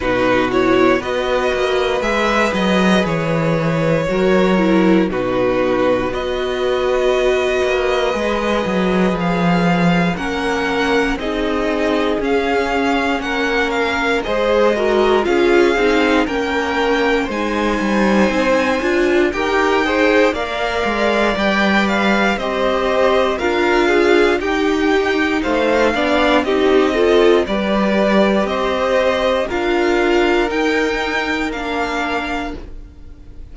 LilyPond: <<
  \new Staff \with { instrumentName = "violin" } { \time 4/4 \tempo 4 = 59 b'8 cis''8 dis''4 e''8 dis''8 cis''4~ | cis''4 b'4 dis''2~ | dis''4 f''4 fis''4 dis''4 | f''4 fis''8 f''8 dis''4 f''4 |
g''4 gis''2 g''4 | f''4 g''8 f''8 dis''4 f''4 | g''4 f''4 dis''4 d''4 | dis''4 f''4 g''4 f''4 | }
  \new Staff \with { instrumentName = "violin" } { \time 4/4 fis'4 b'2. | ais'4 fis'4 b'2~ | b'2 ais'4 gis'4~ | gis'4 ais'4 c''8 ais'8 gis'4 |
ais'4 c''2 ais'8 c''8 | d''2 c''4 ais'8 gis'8 | g'4 c''8 d''8 g'8 a'8 b'4 | c''4 ais'2. | }
  \new Staff \with { instrumentName = "viola" } { \time 4/4 dis'8 e'8 fis'4 gis'2 | fis'8 e'8 dis'4 fis'2 | gis'2 cis'4 dis'4 | cis'2 gis'8 fis'8 f'8 dis'8 |
cis'4 dis'4. f'8 g'8 gis'8 | ais'4 b'4 g'4 f'4 | dis'4. d'8 dis'8 f'8 g'4~ | g'4 f'4 dis'4 d'4 | }
  \new Staff \with { instrumentName = "cello" } { \time 4/4 b,4 b8 ais8 gis8 fis8 e4 | fis4 b,4 b4. ais8 | gis8 fis8 f4 ais4 c'4 | cis'4 ais4 gis4 cis'8 c'8 |
ais4 gis8 g8 c'8 d'8 dis'4 | ais8 gis8 g4 c'4 d'4 | dis'4 a8 b8 c'4 g4 | c'4 d'4 dis'4 ais4 | }
>>